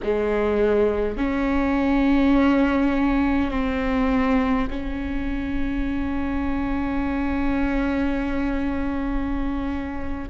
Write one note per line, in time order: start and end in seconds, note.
0.02 1.17 G#3
1.17 3.50 C#4
3.50 4.68 C4
4.70 10.28 C#4